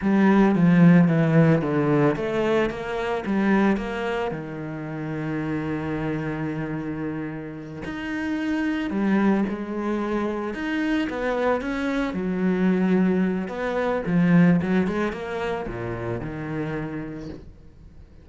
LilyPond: \new Staff \with { instrumentName = "cello" } { \time 4/4 \tempo 4 = 111 g4 f4 e4 d4 | a4 ais4 g4 ais4 | dis1~ | dis2~ dis8 dis'4.~ |
dis'8 g4 gis2 dis'8~ | dis'8 b4 cis'4 fis4.~ | fis4 b4 f4 fis8 gis8 | ais4 ais,4 dis2 | }